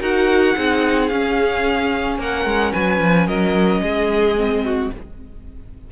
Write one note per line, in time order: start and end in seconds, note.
0.00 0.55 D#4
0.00 0.55 F#4
0.00 0.55 A#4
0.00 1.08 F#5
0.55 1.10 C4
0.55 1.10 D#4
0.55 2.19 G#4
1.08 2.18 C#4
1.08 4.36 C#4
1.08 2.17 F5
2.18 2.45 A#3
2.18 2.73 A#4
2.18 2.73 F#5
2.45 2.72 G#3
2.73 3.00 F#3
2.73 3.27 B4
2.73 3.27 G#5
3.00 3.27 F3
3.27 3.80 F#3
3.27 3.81 A#4
3.27 4.91 D#5
3.80 4.90 G#3
3.80 4.64 G#4
4.36 4.90 C4
4.64 4.91 F#4